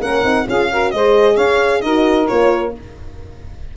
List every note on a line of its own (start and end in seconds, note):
0.00 0.23 A#3
0.00 0.23 C#4
0.00 0.47 A#4
0.00 0.47 F#5
0.23 0.46 C4
0.23 0.45 D#4
0.48 0.93 C#4
0.48 0.71 F4
0.48 0.71 G#4
0.48 0.91 F5
0.72 0.95 F#4
0.72 0.95 A#4
0.91 1.37 G#3
0.91 1.85 G#4
0.91 1.35 C5
0.91 1.37 D#5
1.35 1.82 C#4
1.35 1.80 C#5
1.35 1.81 F5
1.81 2.28 D#4
1.81 2.27 F#4
1.81 2.75 A#4
1.81 2.27 D#5
2.27 2.77 A#3
2.27 2.73 F4
2.27 2.73 C#5